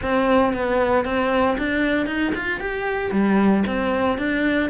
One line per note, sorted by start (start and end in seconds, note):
0.02 0.53 C4
0.53 1.04 B3
1.04 1.57 C4
1.58 2.06 D4
2.06 2.32 D#4
2.35 2.60 F4
2.60 3.11 G4
3.11 3.64 G3
3.66 4.18 C4
4.18 4.70 D4